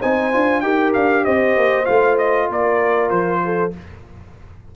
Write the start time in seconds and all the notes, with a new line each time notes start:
0.00 C4 D#4 C5 G#5
0.32 D4 F4
0.60 D#4 G4 A#4 G5
0.93 D4 F5
1.24 C4 C5 D#5
1.56 A#3
1.85 A3 F4 F5
2.18 D#5
2.48 A#3 A#4 D5
3.10 F3 C5
3.44 A4